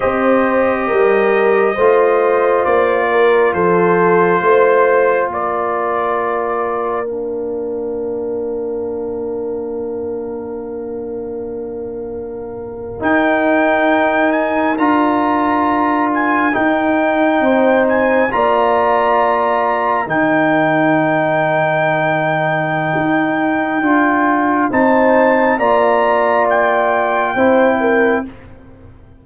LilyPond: <<
  \new Staff \with { instrumentName = "trumpet" } { \time 4/4 \tempo 4 = 68 dis''2. d''4 | c''2 d''2 | f''1~ | f''2~ f''8. g''4~ g''16~ |
g''16 gis''8 ais''4. gis''8 g''4~ g''16~ | g''16 gis''8 ais''2 g''4~ g''16~ | g''1 | a''4 ais''4 g''2 | }
  \new Staff \with { instrumentName = "horn" } { \time 4/4 c''4 ais'4 c''4. ais'8 | a'4 c''4 ais'2~ | ais'1~ | ais'1~ |
ais'2.~ ais'8. c''16~ | c''8. d''2 ais'4~ ais'16~ | ais'1 | c''4 d''2 c''8 ais'8 | }
  \new Staff \with { instrumentName = "trombone" } { \time 4/4 g'2 f'2~ | f'1 | d'1~ | d'2~ d'8. dis'4~ dis'16~ |
dis'8. f'2 dis'4~ dis'16~ | dis'8. f'2 dis'4~ dis'16~ | dis'2. f'4 | dis'4 f'2 e'4 | }
  \new Staff \with { instrumentName = "tuba" } { \time 4/4 c'4 g4 a4 ais4 | f4 a4 ais2~ | ais1~ | ais2~ ais8. dis'4~ dis'16~ |
dis'8. d'2 dis'4 c'16~ | c'8. ais2 dis4~ dis16~ | dis2 dis'4 d'4 | c'4 ais2 c'4 | }
>>